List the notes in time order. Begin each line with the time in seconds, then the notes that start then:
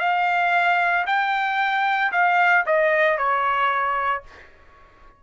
0.00 F5
1.07 G5
2.12 F5
2.66 D#5
3.18 C#5